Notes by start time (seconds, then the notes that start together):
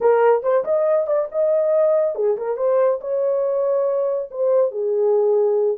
0.00 A#4
0.42 C5
0.64 D#5
1.06 D5
1.31 D#5
2.15 G#4
2.37 A#4
2.56 C5
3.00 C#5
4.31 C5
4.71 G#4